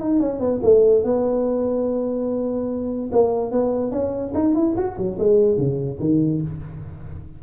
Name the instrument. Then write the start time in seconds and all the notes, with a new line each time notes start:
tuba
0.00 D#4
0.20 C#4
0.40 B3
0.63 A3
1.04 B3
3.12 A#3
3.52 B3
3.91 C#4
4.34 D#4
4.55 E4
4.77 F#4
4.98 F#3
5.19 G#3
5.57 C#3
6.00 D#3